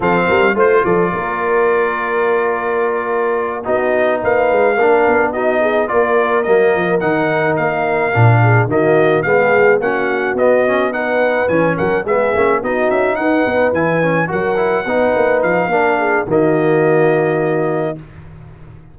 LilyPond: <<
  \new Staff \with { instrumentName = "trumpet" } { \time 4/4 \tempo 4 = 107 f''4 c''8 d''2~ d''8~ | d''2~ d''8 dis''4 f''8~ | f''4. dis''4 d''4 dis''8~ | dis''8 fis''4 f''2 dis''8~ |
dis''8 f''4 fis''4 dis''4 fis''8~ | fis''8 gis''8 fis''8 e''4 dis''8 e''8 fis''8~ | fis''8 gis''4 fis''2 f''8~ | f''4 dis''2. | }
  \new Staff \with { instrumentName = "horn" } { \time 4/4 a'8 ais'8 c''8 a'8 ais'2~ | ais'2~ ais'8 fis'4 b'8~ | b'8 ais'4 fis'8 gis'8 ais'4.~ | ais'2. gis'8 fis'8~ |
fis'8 gis'4 fis'2 b'8~ | b'4 ais'8 gis'4 fis'4 b'8~ | b'4. ais'4 b'4. | ais'8 gis'8 fis'2. | }
  \new Staff \with { instrumentName = "trombone" } { \time 4/4 c'4 f'2.~ | f'2~ f'8 dis'4.~ | dis'8 d'4 dis'4 f'4 ais8~ | ais8 dis'2 d'4 ais8~ |
ais8 b4 cis'4 b8 cis'8 dis'8~ | dis'8 cis'4 b8 cis'8 dis'4.~ | dis'8 e'8 cis'8 fis'8 e'8 dis'4. | d'4 ais2. | }
  \new Staff \with { instrumentName = "tuba" } { \time 4/4 f8 g8 a8 f8 ais2~ | ais2~ ais8 b4 ais8 | gis8 ais8 b4. ais4 fis8 | f8 dis4 ais4 ais,4 dis8~ |
dis8 gis4 ais4 b4.~ | b8 e8 fis8 gis8 ais8 b8 cis'8 dis'8 | b8 e4 fis4 b8 ais8 f8 | ais4 dis2. | }
>>